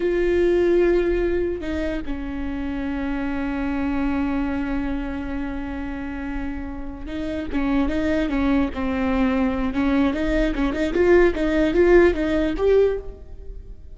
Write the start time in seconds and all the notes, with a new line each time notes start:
0.00 F4
1.60 D#4
2.05 C#4
7.06 D#4
7.52 C#4
7.88 D#4
8.29 C#4
8.74 C4
9.73 C#4
10.13 D#4
10.54 C#4
10.73 D#4
10.93 F4
11.34 D#4
11.74 F4
12.13 D#4
12.57 G4